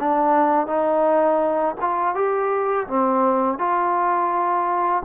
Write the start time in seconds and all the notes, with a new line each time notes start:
0.00 D4
0.67 D#4
1.81 F4
2.15 G4
2.88 C4
3.59 F4